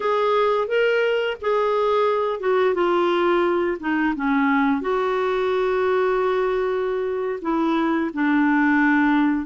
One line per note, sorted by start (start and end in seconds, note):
0.00 0.67 G#4
0.67 1.36 A#4
1.41 2.39 G#4
2.39 2.74 F#4
2.74 3.77 F4
3.80 4.14 D#4
4.15 4.81 C#4
4.81 7.39 F#4
7.41 8.10 E4
8.13 9.45 D4